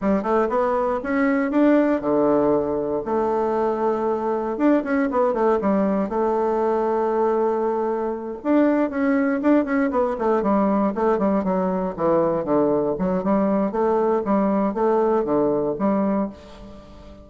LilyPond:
\new Staff \with { instrumentName = "bassoon" } { \time 4/4 \tempo 4 = 118 g8 a8 b4 cis'4 d'4 | d2 a2~ | a4 d'8 cis'8 b8 a8 g4 | a1~ |
a8 d'4 cis'4 d'8 cis'8 b8 | a8 g4 a8 g8 fis4 e8~ | e8 d4 fis8 g4 a4 | g4 a4 d4 g4 | }